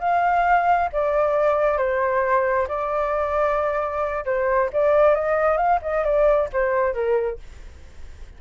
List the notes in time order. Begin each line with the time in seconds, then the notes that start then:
0.00 F5
0.93 D5
1.78 C5
2.68 D5
4.26 C5
4.73 D5
5.15 D#5
5.57 F5
5.82 D#5
6.04 D5
6.53 C5
6.95 A#4